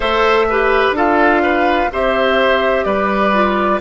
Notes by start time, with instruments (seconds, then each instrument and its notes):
0.00 bassoon A3, clarinet A4, oboe C5, flute E5
0.49 clarinet G4, oboe B4
0.91 bassoon D4, clarinet F4, oboe A4
0.97 flute F5
1.42 oboe B4
1.91 bassoon C4, clarinet G4, oboe C5, flute E5
2.84 bassoon G3, oboe B4, flute D5
3.33 clarinet F4